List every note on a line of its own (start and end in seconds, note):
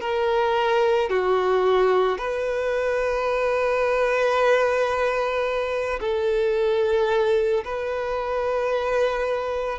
0.00 1.09 A#4
1.09 2.18 F#4
2.18 6.00 B4
6.00 7.64 A4
7.64 9.79 B4